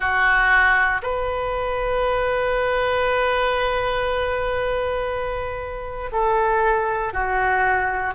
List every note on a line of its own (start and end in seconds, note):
0.00 1.01 F#4
1.02 6.10 B4
6.12 7.13 A4
7.13 8.14 F#4